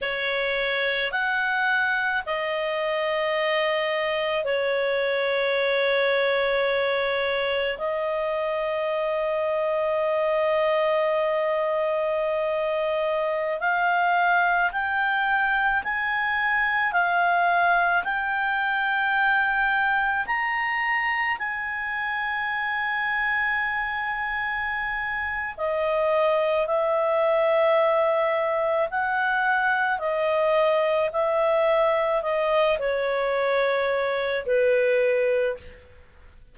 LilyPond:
\new Staff \with { instrumentName = "clarinet" } { \time 4/4 \tempo 4 = 54 cis''4 fis''4 dis''2 | cis''2. dis''4~ | dis''1~ | dis''16 f''4 g''4 gis''4 f''8.~ |
f''16 g''2 ais''4 gis''8.~ | gis''2. dis''4 | e''2 fis''4 dis''4 | e''4 dis''8 cis''4. b'4 | }